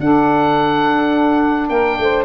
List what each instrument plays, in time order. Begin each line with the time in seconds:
0.00 tuba D4, saxophone D4 A4, oboe F#5
1.69 tuba A#3, saxophone A#4, oboe G5
1.99 tuba A3, saxophone C5